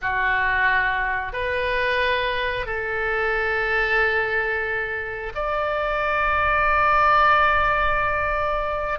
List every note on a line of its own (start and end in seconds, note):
0.02 1.32 F#4
1.32 2.66 B4
2.66 5.32 A4
5.34 8.98 D5